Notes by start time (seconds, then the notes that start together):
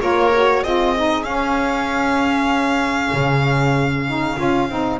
0.00 A#3 F4 A#4 C#5
0.34 F#4
0.63 C4 F4 G#4 D#5
0.96 D#4
1.24 C#4 F5
3.13 C#3
4.07 D#4
4.37 C#4 F4
4.69 C4 D#4